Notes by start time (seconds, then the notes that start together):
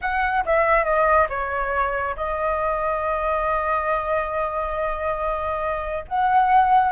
0.01 F#5
0.45 E5
0.84 D#5
1.29 C#5
2.16 D#5
6.07 F#5